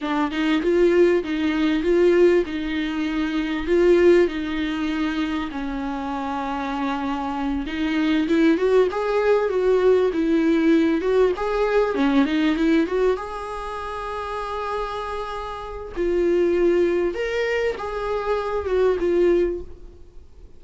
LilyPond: \new Staff \with { instrumentName = "viola" } { \time 4/4 \tempo 4 = 98 d'8 dis'8 f'4 dis'4 f'4 | dis'2 f'4 dis'4~ | dis'4 cis'2.~ | cis'8 dis'4 e'8 fis'8 gis'4 fis'8~ |
fis'8 e'4. fis'8 gis'4 cis'8 | dis'8 e'8 fis'8 gis'2~ gis'8~ | gis'2 f'2 | ais'4 gis'4. fis'8 f'4 | }